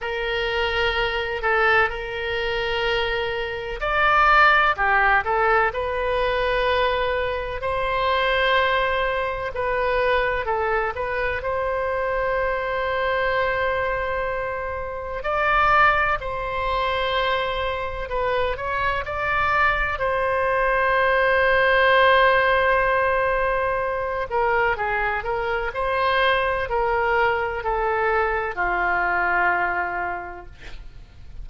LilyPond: \new Staff \with { instrumentName = "oboe" } { \time 4/4 \tempo 4 = 63 ais'4. a'8 ais'2 | d''4 g'8 a'8 b'2 | c''2 b'4 a'8 b'8 | c''1 |
d''4 c''2 b'8 cis''8 | d''4 c''2.~ | c''4. ais'8 gis'8 ais'8 c''4 | ais'4 a'4 f'2 | }